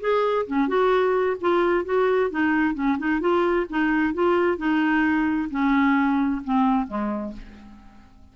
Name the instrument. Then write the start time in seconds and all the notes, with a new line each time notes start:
clarinet
0.00 G#4
0.46 C#4
0.68 F#4
1.41 F4
1.84 F#4
2.30 D#4
2.74 C#4
2.98 D#4
3.20 F4
3.69 D#4
4.14 F4
4.57 D#4
5.50 C#4
6.44 C4
6.87 G#3